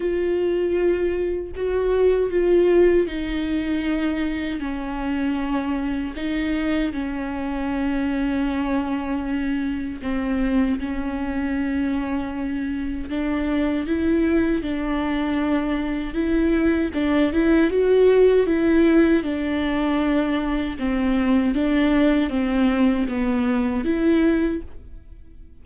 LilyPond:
\new Staff \with { instrumentName = "viola" } { \time 4/4 \tempo 4 = 78 f'2 fis'4 f'4 | dis'2 cis'2 | dis'4 cis'2.~ | cis'4 c'4 cis'2~ |
cis'4 d'4 e'4 d'4~ | d'4 e'4 d'8 e'8 fis'4 | e'4 d'2 c'4 | d'4 c'4 b4 e'4 | }